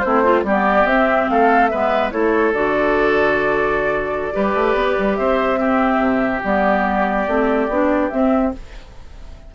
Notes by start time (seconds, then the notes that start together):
0.00 A3 C4 E4 C5
0.22 C4 F4
0.43 G3 B3 G4 D5
0.84 C4 E5
1.29 A3 A4 F5
1.67 G#3 B3 B4 E5
2.11 A3 E4 A4 C#5
2.53 D3 F#4 D5
4.32 G3 G4 B4
4.54 A3
4.74 B3
4.99 G3
5.15 C4 C5 E5
5.58 C4 G4
5.98 C3
6.43 G3 B3 D5
7.27 A3 C4
7.68 B3 D4
8.09 C4 E5